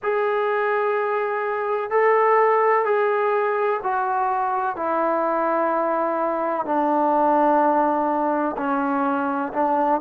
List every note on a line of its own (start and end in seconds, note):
0.03 1.90 G#4
1.90 2.85 A4
2.85 3.80 G#4
3.83 4.76 F#4
4.76 6.65 E4
6.65 8.55 D4
8.57 9.52 C#4
9.53 10.00 D4